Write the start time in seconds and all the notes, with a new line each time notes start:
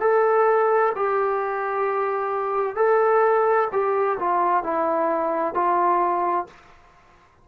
0.00 A4
0.95 G4
2.75 A4
3.72 G4
4.19 F4
4.63 E4
5.54 F4